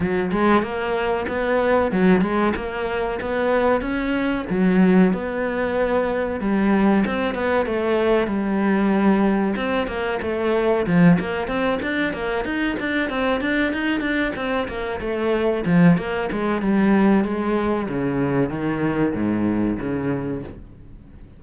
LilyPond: \new Staff \with { instrumentName = "cello" } { \time 4/4 \tempo 4 = 94 fis8 gis8 ais4 b4 fis8 gis8 | ais4 b4 cis'4 fis4 | b2 g4 c'8 b8 | a4 g2 c'8 ais8 |
a4 f8 ais8 c'8 d'8 ais8 dis'8 | d'8 c'8 d'8 dis'8 d'8 c'8 ais8 a8~ | a8 f8 ais8 gis8 g4 gis4 | cis4 dis4 gis,4 cis4 | }